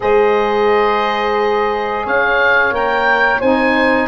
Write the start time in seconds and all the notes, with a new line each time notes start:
0.00 G#3 G#4 C5 D#5
2.05 C#4 C#5 F5
2.71 A#3 A#4 G5
3.39 C4 D#4 C5 G#5